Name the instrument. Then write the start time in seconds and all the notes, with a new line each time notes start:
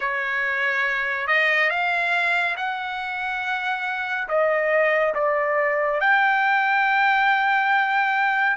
trumpet
0.00 C#5
1.27 D#5
1.69 F5
2.56 F#5
4.28 D#5
5.14 D5
6.00 G5